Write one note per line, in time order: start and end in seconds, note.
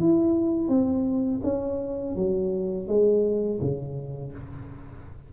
0.00 0.68 E4
0.68 1.41 C4
1.44 2.16 C#4
2.16 2.88 F#3
2.88 3.60 G#3
3.61 4.33 C#3